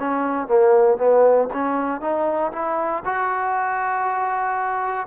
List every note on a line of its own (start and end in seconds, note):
0.00 0.48 C#4
0.48 0.98 A#3
0.98 1.49 B3
1.53 2.02 C#4
2.02 2.52 D#4
2.53 3.04 E4
3.06 5.07 F#4